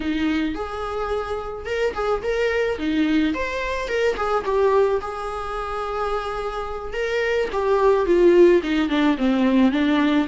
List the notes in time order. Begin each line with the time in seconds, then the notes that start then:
0.00 D#4
0.54 G#4
1.65 A#4
1.93 G#4
2.22 A#4
2.78 D#4
3.34 C5
3.88 A#4
4.16 G#4
4.44 G4
5.01 G#4
6.93 A#4
7.52 G4
8.06 F4
8.62 D#4
8.89 D4
9.17 C4
9.71 D4